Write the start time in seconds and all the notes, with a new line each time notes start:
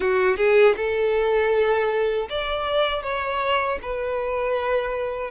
0.00 F#4
0.36 G#4
0.76 A4
2.29 D5
3.02 C#5
3.82 B4